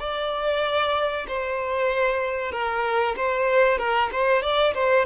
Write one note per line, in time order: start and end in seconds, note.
0.00 1.26 D5
1.28 2.52 C5
2.52 3.15 A#4
3.17 3.78 C5
3.78 4.10 A#4
4.12 4.42 C5
4.42 4.74 D5
4.74 5.06 C5